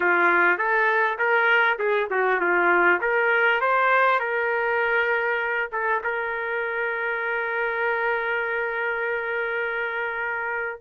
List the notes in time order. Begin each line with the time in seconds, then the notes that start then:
0.00 F4
0.58 A4
1.18 A#4
1.78 G#4
2.10 F#4
2.40 F4
3.00 A#4
3.61 C5
4.19 A#4
5.72 A4
6.03 A#4